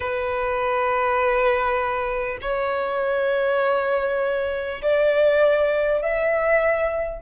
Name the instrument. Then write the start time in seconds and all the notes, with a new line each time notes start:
violin
0.00 B4
2.41 C#5
4.82 D5
6.02 E5